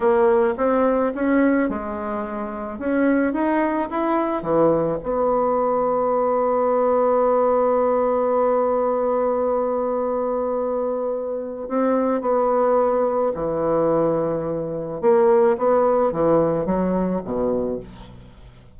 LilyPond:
\new Staff \with { instrumentName = "bassoon" } { \time 4/4 \tempo 4 = 108 ais4 c'4 cis'4 gis4~ | gis4 cis'4 dis'4 e'4 | e4 b2.~ | b1~ |
b1~ | b4 c'4 b2 | e2. ais4 | b4 e4 fis4 b,4 | }